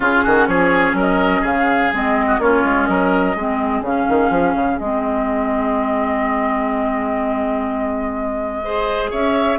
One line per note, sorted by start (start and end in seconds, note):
0.00 0.23 C#3
0.00 1.91 C#4
0.00 0.23 F4
0.00 0.46 G#4
0.23 0.47 D#3
0.23 0.47 F#4
0.46 0.93 F3
0.46 0.96 G#4
0.46 0.94 C#5
0.93 1.41 F#3
0.93 1.41 A#4
0.99 1.45 D#5
1.41 1.90 C#3
1.41 2.25 G#4
1.41 1.93 F5
1.92 2.38 G#3
1.92 2.40 C4
1.92 2.41 D#5
2.27 2.39 F#4
2.38 2.62 A#3
2.38 3.36 C#4
2.38 2.89 F4
2.38 2.85 C#5
2.64 2.88 G#3
2.85 3.35 F#3
2.85 3.36 A#4
2.85 3.81 D#5
3.35 3.81 G#3
3.35 3.85 C4
3.35 8.64 G#4
3.81 4.05 C#3
3.81 4.80 C#4
3.81 4.78 F5
4.08 4.29 D#3
4.29 4.54 F3
4.54 4.78 C#3
4.78 9.12 G#3
4.78 8.63 C4
4.78 9.10 D#5
8.63 9.58 G#4
8.63 9.11 C5
9.11 9.58 C#4
9.11 9.58 C#5
9.11 9.58 E5